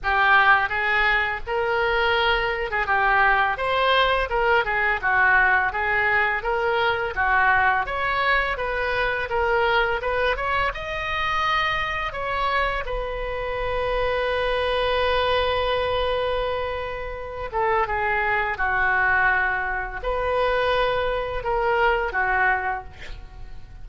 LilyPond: \new Staff \with { instrumentName = "oboe" } { \time 4/4 \tempo 4 = 84 g'4 gis'4 ais'4.~ ais'16 gis'16 | g'4 c''4 ais'8 gis'8 fis'4 | gis'4 ais'4 fis'4 cis''4 | b'4 ais'4 b'8 cis''8 dis''4~ |
dis''4 cis''4 b'2~ | b'1~ | b'8 a'8 gis'4 fis'2 | b'2 ais'4 fis'4 | }